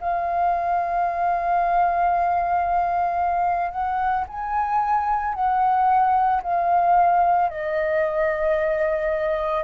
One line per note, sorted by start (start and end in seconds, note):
0.00 3.71 F5
3.71 4.25 F#5
4.28 5.34 G#5
5.34 6.41 F#5
6.43 7.50 F5
7.50 9.64 D#5